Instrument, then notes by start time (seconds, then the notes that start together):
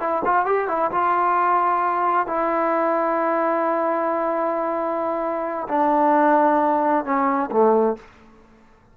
trombone
0.00 E4
0.25 F4
0.46 G4
0.68 E4
0.91 F4
2.27 E4
5.69 D4
7.05 C#4
7.51 A3